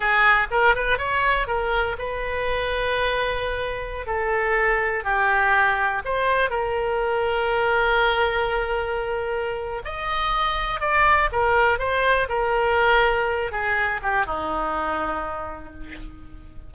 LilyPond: \new Staff \with { instrumentName = "oboe" } { \time 4/4 \tempo 4 = 122 gis'4 ais'8 b'8 cis''4 ais'4 | b'1~ | b'16 a'2 g'4.~ g'16~ | g'16 c''4 ais'2~ ais'8.~ |
ais'1 | dis''2 d''4 ais'4 | c''4 ais'2~ ais'8 gis'8~ | gis'8 g'8 dis'2. | }